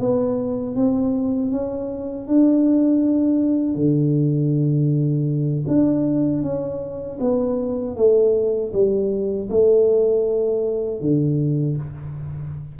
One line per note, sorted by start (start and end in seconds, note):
0.00 0.76 B3
0.76 1.52 C4
1.52 2.28 C#4
2.28 3.76 D4
3.76 5.65 D3
5.68 6.43 D4
6.43 7.19 C#4
7.21 7.97 B3
7.97 8.73 A3
8.73 9.49 G3
9.50 11.01 A3
11.01 11.77 D3